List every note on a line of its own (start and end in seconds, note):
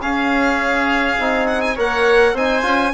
0.00 1.18 C#4
0.00 1.19 C#4
0.00 1.75 G#4
0.00 1.46 F5
1.18 1.77 C4
1.18 1.76 D#4
1.46 1.61 F#5
1.61 1.75 G#5
1.75 2.33 A#3
1.75 2.35 A#4
1.75 2.33 C#5
1.75 2.36 F#5
2.33 2.63 C4
2.33 2.62 D#4
2.33 2.92 C5
2.33 2.93 G#5
2.62 2.92 C#4
2.62 2.91 F4